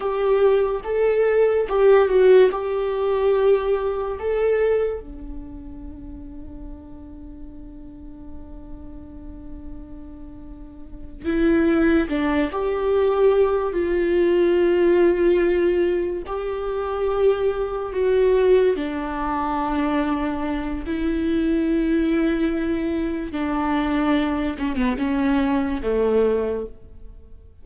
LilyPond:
\new Staff \with { instrumentName = "viola" } { \time 4/4 \tempo 4 = 72 g'4 a'4 g'8 fis'8 g'4~ | g'4 a'4 d'2~ | d'1~ | d'4. e'4 d'8 g'4~ |
g'8 f'2. g'8~ | g'4. fis'4 d'4.~ | d'4 e'2. | d'4. cis'16 b16 cis'4 a4 | }